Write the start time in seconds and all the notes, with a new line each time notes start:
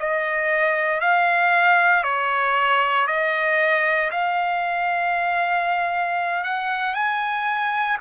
0.00 D#5
1.01 F5
2.04 C#5
3.08 D#5
4.11 F5
6.44 F#5
6.95 G#5